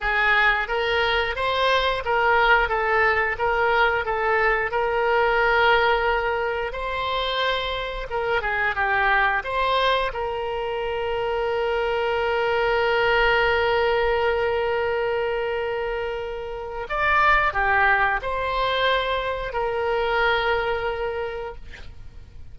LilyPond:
\new Staff \with { instrumentName = "oboe" } { \time 4/4 \tempo 4 = 89 gis'4 ais'4 c''4 ais'4 | a'4 ais'4 a'4 ais'4~ | ais'2 c''2 | ais'8 gis'8 g'4 c''4 ais'4~ |
ais'1~ | ais'1~ | ais'4 d''4 g'4 c''4~ | c''4 ais'2. | }